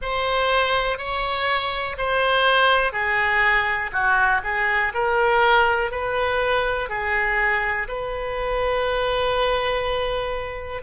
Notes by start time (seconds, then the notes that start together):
0.01 C5
0.98 C#5
1.97 C5
2.92 G#4
3.92 F#4
4.43 G#4
4.94 A#4
5.91 B4
6.89 G#4
7.87 B4